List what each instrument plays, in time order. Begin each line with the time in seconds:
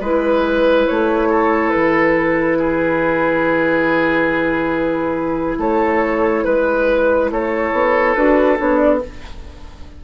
0.00 bassoon G#3, clarinet E4, oboe B4, flute B4
0.87 bassoon A3, flute C#5
1.29 oboe A4
1.70 bassoon E3, flute B4
2.58 oboe G#4
5.58 bassoon A3, oboe A4, flute C#5
6.44 bassoon G#3, flute B4, oboe B4
7.31 bassoon A3, oboe A4, flute C#5
7.72 bassoon B3
8.14 bassoon D4, clarinet F#4, flute B4
8.57 bassoon B3, clarinet D4, flute C#5
8.77 flute D5